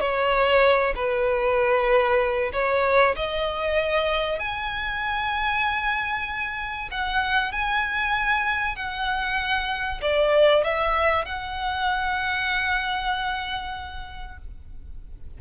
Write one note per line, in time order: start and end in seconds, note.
0.00 0.94 C#5
0.95 2.51 B4
2.53 3.16 C#5
3.16 4.39 D#5
4.39 6.89 G#5
6.91 7.52 F#5
7.52 8.76 G#5
8.76 10.01 F#5
10.02 10.64 D5
10.64 11.26 E5
11.26 14.38 F#5